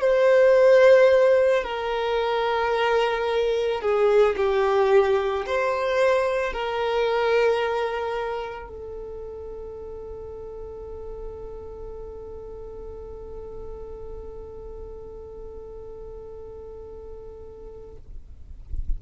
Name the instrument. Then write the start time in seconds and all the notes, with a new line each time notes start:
violin
0.00 C5
1.63 A#4
3.81 G#4
4.36 G4
5.46 C5
6.53 A#4
8.69 A4